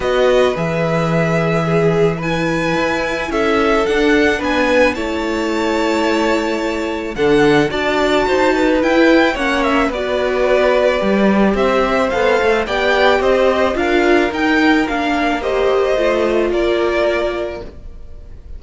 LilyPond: <<
  \new Staff \with { instrumentName = "violin" } { \time 4/4 \tempo 4 = 109 dis''4 e''2. | gis''2 e''4 fis''4 | gis''4 a''2.~ | a''4 fis''4 a''2 |
g''4 fis''8 e''8 d''2~ | d''4 e''4 f''4 g''4 | dis''4 f''4 g''4 f''4 | dis''2 d''2 | }
  \new Staff \with { instrumentName = "violin" } { \time 4/4 b'2. gis'4 | b'2 a'2 | b'4 cis''2.~ | cis''4 a'4 d''4 c''8 b'8~ |
b'4 cis''4 b'2~ | b'4 c''2 d''4 | c''4 ais'2. | c''2 ais'2 | }
  \new Staff \with { instrumentName = "viola" } { \time 4/4 fis'4 gis'2. | e'2. d'4~ | d'4 e'2.~ | e'4 d'4 fis'2 |
e'4 cis'4 fis'2 | g'2 a'4 g'4~ | g'4 f'4 dis'4 d'4 | g'4 f'2. | }
  \new Staff \with { instrumentName = "cello" } { \time 4/4 b4 e2.~ | e4 e'4 cis'4 d'4 | b4 a2.~ | a4 d4 d'4 dis'4 |
e'4 ais4 b2 | g4 c'4 b8 a8 b4 | c'4 d'4 dis'4 ais4~ | ais4 a4 ais2 | }
>>